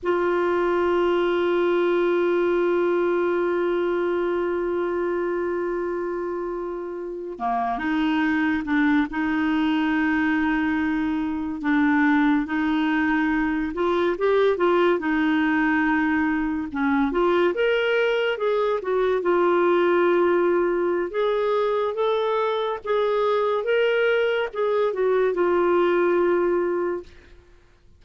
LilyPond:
\new Staff \with { instrumentName = "clarinet" } { \time 4/4 \tempo 4 = 71 f'1~ | f'1~ | f'8. ais8 dis'4 d'8 dis'4~ dis'16~ | dis'4.~ dis'16 d'4 dis'4~ dis'16~ |
dis'16 f'8 g'8 f'8 dis'2 cis'16~ | cis'16 f'8 ais'4 gis'8 fis'8 f'4~ f'16~ | f'4 gis'4 a'4 gis'4 | ais'4 gis'8 fis'8 f'2 | }